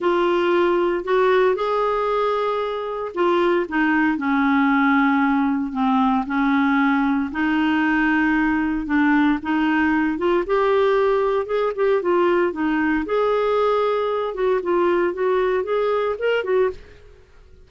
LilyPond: \new Staff \with { instrumentName = "clarinet" } { \time 4/4 \tempo 4 = 115 f'2 fis'4 gis'4~ | gis'2 f'4 dis'4 | cis'2. c'4 | cis'2 dis'2~ |
dis'4 d'4 dis'4. f'8 | g'2 gis'8 g'8 f'4 | dis'4 gis'2~ gis'8 fis'8 | f'4 fis'4 gis'4 ais'8 fis'8 | }